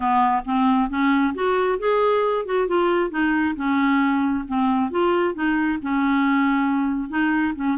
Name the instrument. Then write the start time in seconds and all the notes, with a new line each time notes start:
clarinet
0.00 B3
0.45 C4
0.89 C#4
1.34 F#4
1.79 G#4
2.45 F#4
2.67 F4
3.10 D#4
3.56 C#4
4.47 C4
4.91 F4
5.34 D#4
5.82 C#4
7.09 D#4
7.55 C#4